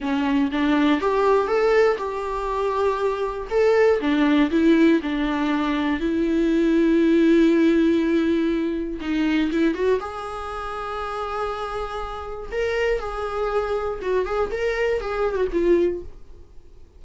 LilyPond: \new Staff \with { instrumentName = "viola" } { \time 4/4 \tempo 4 = 120 cis'4 d'4 g'4 a'4 | g'2. a'4 | d'4 e'4 d'2 | e'1~ |
e'2 dis'4 e'8 fis'8 | gis'1~ | gis'4 ais'4 gis'2 | fis'8 gis'8 ais'4 gis'8. fis'16 f'4 | }